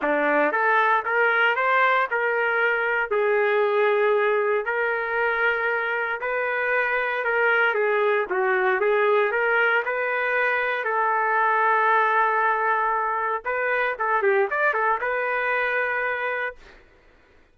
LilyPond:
\new Staff \with { instrumentName = "trumpet" } { \time 4/4 \tempo 4 = 116 d'4 a'4 ais'4 c''4 | ais'2 gis'2~ | gis'4 ais'2. | b'2 ais'4 gis'4 |
fis'4 gis'4 ais'4 b'4~ | b'4 a'2.~ | a'2 b'4 a'8 g'8 | d''8 a'8 b'2. | }